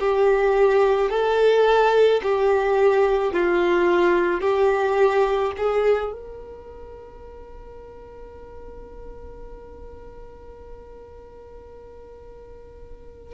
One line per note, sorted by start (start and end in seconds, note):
0.00 1.11 G4
1.11 2.22 A4
2.23 3.33 G4
3.33 4.41 F4
4.41 5.53 G4
5.58 6.13 G#4
6.13 13.34 A#4